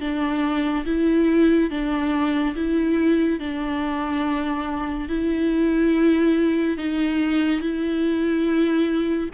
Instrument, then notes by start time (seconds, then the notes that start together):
viola
0.00 D4
0.86 E4
1.70 D4
2.55 E4
3.39 D4
5.08 E4
6.77 D#4
7.60 E4